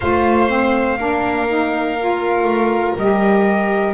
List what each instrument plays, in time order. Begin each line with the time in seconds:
0.00 double bass A3, saxophone F4, violin C5, trumpet F5
0.48 saxophone C4
0.97 double bass A#3, saxophone D4, violin A#4
1.48 saxophone D#4
1.99 saxophone F4
2.42 double bass A3
2.96 double bass G3, saxophone G4, trumpet D#5